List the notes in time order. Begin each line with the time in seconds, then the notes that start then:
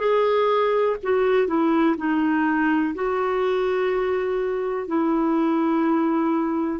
0.00 G#4
1.03 F#4
1.47 E4
1.98 D#4
2.95 F#4
4.87 E4